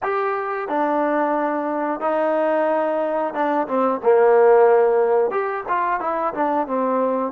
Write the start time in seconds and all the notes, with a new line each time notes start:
0.02 G4
0.68 D4
2.00 D#4
3.33 D4
3.67 C4
4.03 A#3
5.30 G4
5.68 F4
6.00 E4
6.34 D4
6.67 C4